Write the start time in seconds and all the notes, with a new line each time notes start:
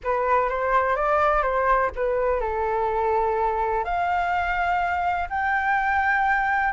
0.03 B4
0.49 C5
0.95 D5
1.42 C5
1.95 B4
2.40 A4
3.84 F5
5.29 G5